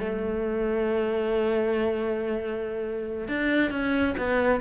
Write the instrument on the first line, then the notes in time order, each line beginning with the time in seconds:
cello
0.00 A3
3.28 D4
3.71 C#4
4.18 B3